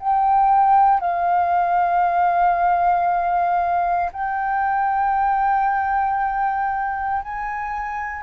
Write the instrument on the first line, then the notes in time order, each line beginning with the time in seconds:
flute
0.00 G5
1.01 F5
4.13 G5
7.23 G#5